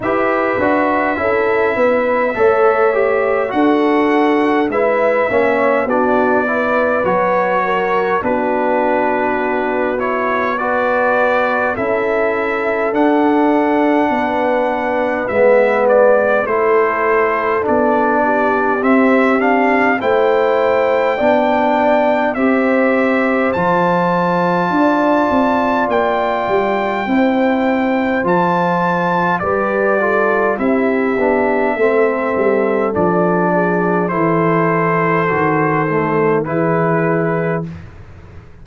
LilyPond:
<<
  \new Staff \with { instrumentName = "trumpet" } { \time 4/4 \tempo 4 = 51 e''2. fis''4 | e''4 d''4 cis''4 b'4~ | b'8 cis''8 d''4 e''4 fis''4~ | fis''4 e''8 d''8 c''4 d''4 |
e''8 f''8 g''2 e''4 | a''2 g''2 | a''4 d''4 e''2 | d''4 c''2 b'4 | }
  \new Staff \with { instrumentName = "horn" } { \time 4/4 b'4 a'8 b'8 cis''4 a'4 | b'8 cis''8 fis'8 b'4 ais'8 fis'4~ | fis'4 b'4 a'2 | b'2 a'4. g'8~ |
g'4 c''4 d''4 c''4~ | c''4 d''2 c''4~ | c''4 b'8 a'8 g'4 a'4~ | a'8 gis'8 a'2 gis'4 | }
  \new Staff \with { instrumentName = "trombone" } { \time 4/4 g'8 fis'8 e'4 a'8 g'8 fis'4 | e'8 cis'8 d'8 e'8 fis'4 d'4~ | d'8 e'8 fis'4 e'4 d'4~ | d'4 b4 e'4 d'4 |
c'8 d'8 e'4 d'4 g'4 | f'2. e'4 | f'4 g'8 f'8 e'8 d'8 c'4 | d'4 e'4 fis'8 a8 e'4 | }
  \new Staff \with { instrumentName = "tuba" } { \time 4/4 e'8 d'8 cis'8 b8 a4 d'4 | gis8 ais8 b4 fis4 b4~ | b2 cis'4 d'4 | b4 gis4 a4 b4 |
c'4 a4 b4 c'4 | f4 d'8 c'8 ais8 g8 c'4 | f4 g4 c'8 b8 a8 g8 | f4 e4 dis4 e4 | }
>>